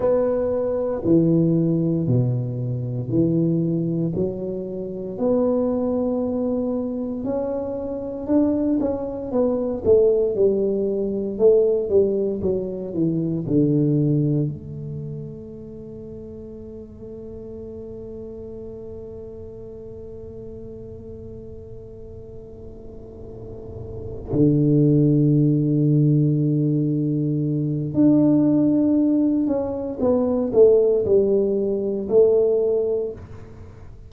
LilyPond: \new Staff \with { instrumentName = "tuba" } { \time 4/4 \tempo 4 = 58 b4 e4 b,4 e4 | fis4 b2 cis'4 | d'8 cis'8 b8 a8 g4 a8 g8 | fis8 e8 d4 a2~ |
a1~ | a2.~ a8 d8~ | d2. d'4~ | d'8 cis'8 b8 a8 g4 a4 | }